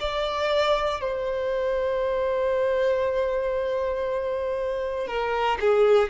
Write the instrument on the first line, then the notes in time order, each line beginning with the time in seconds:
violin
0.00 D5
1.00 C5
5.07 A#4
5.60 G#4